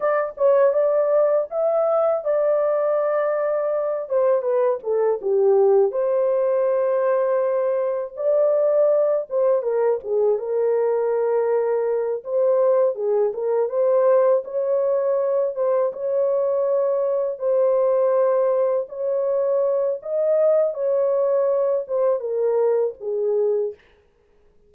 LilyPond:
\new Staff \with { instrumentName = "horn" } { \time 4/4 \tempo 4 = 81 d''8 cis''8 d''4 e''4 d''4~ | d''4. c''8 b'8 a'8 g'4 | c''2. d''4~ | d''8 c''8 ais'8 gis'8 ais'2~ |
ais'8 c''4 gis'8 ais'8 c''4 cis''8~ | cis''4 c''8 cis''2 c''8~ | c''4. cis''4. dis''4 | cis''4. c''8 ais'4 gis'4 | }